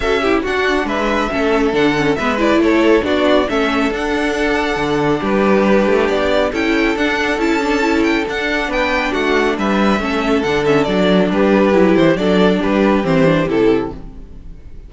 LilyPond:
<<
  \new Staff \with { instrumentName = "violin" } { \time 4/4 \tempo 4 = 138 e''4 fis''4 e''2 | fis''4 e''8 d''8 cis''4 d''4 | e''4 fis''2. | b'2 d''4 g''4 |
fis''4 a''4. g''8 fis''4 | g''4 fis''4 e''2 | fis''8 e''8 d''4 b'4. c''8 | d''4 b'4 c''4 a'4 | }
  \new Staff \with { instrumentName = "violin" } { \time 4/4 a'8 g'8 fis'4 b'4 a'4~ | a'4 b'4 a'4 fis'4 | a'1 | g'2. a'4~ |
a'1 | b'4 fis'4 b'4 a'4~ | a'2 g'2 | a'4 g'2. | }
  \new Staff \with { instrumentName = "viola" } { \time 4/4 fis'8 e'8 d'2 cis'4 | d'8 cis'8 b8 e'4. d'4 | cis'4 d'2.~ | d'2. e'4 |
d'4 e'8 d'8 e'4 d'4~ | d'2. cis'4 | d'8 cis'8 d'2 e'4 | d'2 c'8 d'8 e'4 | }
  \new Staff \with { instrumentName = "cello" } { \time 4/4 cis'4 d'4 gis4 a4 | d4 gis4 a4 b4 | a4 d'2 d4 | g4. a8 b4 cis'4 |
d'4 cis'2 d'4 | b4 a4 g4 a4 | d4 fis4 g4 fis8 e8 | fis4 g4 e4 c4 | }
>>